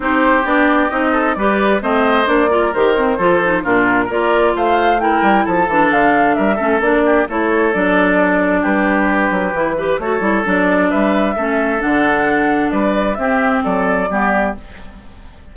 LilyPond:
<<
  \new Staff \with { instrumentName = "flute" } { \time 4/4 \tempo 4 = 132 c''4 d''4 dis''4 d''4 | dis''4 d''4 c''2 | ais'4 d''4 f''4 g''4 | a''4 f''4 e''4 d''4 |
cis''4 d''2 b'4~ | b'2 cis''4 d''4 | e''2 fis''2 | d''4 e''4 d''2 | }
  \new Staff \with { instrumentName = "oboe" } { \time 4/4 g'2~ g'8 a'8 b'4 | c''4. ais'4. a'4 | f'4 ais'4 c''4 ais'4 | a'2 ais'8 a'4 g'8 |
a'2. g'4~ | g'4. b'8 a'2 | b'4 a'2. | b'4 g'4 a'4 g'4 | }
  \new Staff \with { instrumentName = "clarinet" } { \time 4/4 dis'4 d'4 dis'4 g'4 | c'4 d'8 f'8 g'8 c'8 f'8 dis'8 | d'4 f'2 e'4~ | e'8 d'2 cis'8 d'4 |
e'4 d'2.~ | d'4 e'8 g'8 fis'8 e'8 d'4~ | d'4 cis'4 d'2~ | d'4 c'2 b4 | }
  \new Staff \with { instrumentName = "bassoon" } { \time 4/4 c'4 b4 c'4 g4 | a4 ais4 dis4 f4 | ais,4 ais4 a4. g8 | f8 e8 d4 g8 a8 ais4 |
a4 fis2 g4~ | g8 fis8 e4 a8 g8 fis4 | g4 a4 d2 | g4 c'4 fis4 g4 | }
>>